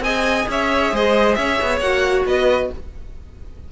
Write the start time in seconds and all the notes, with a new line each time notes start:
0.00 C4 G#4 D#5 G#5
0.49 C#4 C#5 E5
0.92 G#3 C5 D#5
1.35 C#4 C#5 E5
1.62 B3
1.81 A#3 F#4 F#5
2.26 B3 B4 D#5